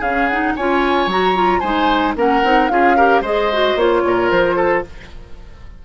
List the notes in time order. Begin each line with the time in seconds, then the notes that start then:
0.00 C#3 C#4 G#4 F5
0.28 D#4 F#5
0.56 C#4 F4 C#5 G#5
1.07 F#3 F#4 A#5
1.35 F4
1.60 G#3 D#4 C5 G#5
2.16 A#3 C#4 A#4 F#5
2.44 C4 D#4
2.69 C#4 F4 G#4 F5
2.97 G4 A#4
3.21 G#3 G#4 C5 D#5
3.53 F#4
3.76 A#3 F4 C#5
4.05 A#2 A#4
4.31 F3 C5
4.56 A4